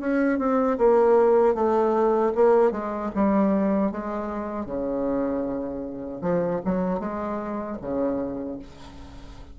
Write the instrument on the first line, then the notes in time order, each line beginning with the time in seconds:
bassoon
0.00 C#4
0.39 C4
0.78 A#3
1.55 A3
2.35 A#3
2.72 G#3
3.15 G3
3.92 G#3
4.66 C#3
6.22 F3
6.65 F#3
7.00 G#3
7.81 C#3